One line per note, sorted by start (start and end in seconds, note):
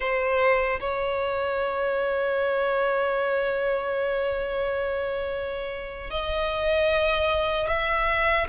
0.00 0.79 C5
0.79 6.10 C#5
6.10 7.67 D#5
7.67 8.46 E5